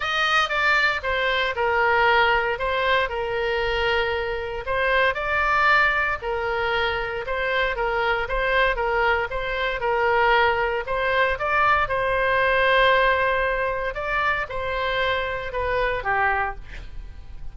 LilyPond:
\new Staff \with { instrumentName = "oboe" } { \time 4/4 \tempo 4 = 116 dis''4 d''4 c''4 ais'4~ | ais'4 c''4 ais'2~ | ais'4 c''4 d''2 | ais'2 c''4 ais'4 |
c''4 ais'4 c''4 ais'4~ | ais'4 c''4 d''4 c''4~ | c''2. d''4 | c''2 b'4 g'4 | }